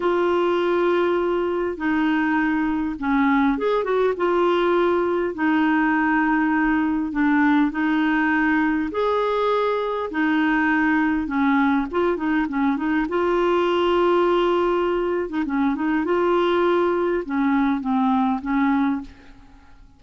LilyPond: \new Staff \with { instrumentName = "clarinet" } { \time 4/4 \tempo 4 = 101 f'2. dis'4~ | dis'4 cis'4 gis'8 fis'8 f'4~ | f'4 dis'2. | d'4 dis'2 gis'4~ |
gis'4 dis'2 cis'4 | f'8 dis'8 cis'8 dis'8 f'2~ | f'4.~ f'16 dis'16 cis'8 dis'8 f'4~ | f'4 cis'4 c'4 cis'4 | }